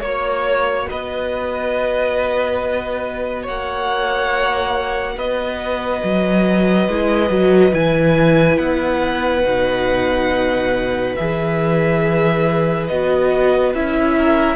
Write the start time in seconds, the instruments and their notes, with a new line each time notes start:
0.00 cello A#3, viola F#4, violin C#5
0.89 cello B3, violin B4 D#5
3.42 cello A#3, violin C#5 F#5
5.16 cello B3, violin B4 D#5
6.03 cello F#3
6.88 cello G#3, viola E4
7.29 cello F#3, viola F#4
7.72 cello E3, viola E4, violin G#5
8.57 cello B3, violin F#5
9.43 cello B2, viola D#4
11.15 cello E3, viola G#4, violin E5
12.87 cello B3, viola F#4, violin D#5
13.74 cello C#4, viola E4, violin E5
14.17 violin A#4